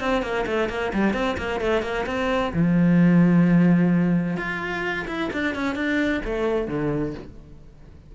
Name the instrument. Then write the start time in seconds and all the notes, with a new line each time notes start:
cello
0.00 C4
0.22 A#3
0.46 A3
0.69 A#3
0.93 G3
1.13 C4
1.37 A#3
1.60 A3
1.82 A#3
2.06 C4
2.53 F3
4.37 F4
5.07 E4
5.33 D4
5.55 C#4
5.75 D4
6.24 A3
6.68 D3